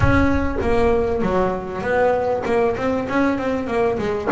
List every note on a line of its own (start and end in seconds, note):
0.00 0.57 C#4
0.61 1.22 A#3
1.22 1.81 F#3
1.81 2.42 B3
2.45 2.76 A#3
2.77 3.07 C4
3.09 3.38 C#4
3.38 3.67 C4
3.67 3.98 A#3
3.98 4.29 G#3